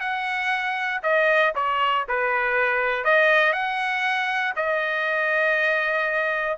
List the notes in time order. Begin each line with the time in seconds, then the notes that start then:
0.00 F#5
1.03 D#5
1.55 C#5
2.08 B4
3.04 D#5
3.52 F#5
4.56 D#5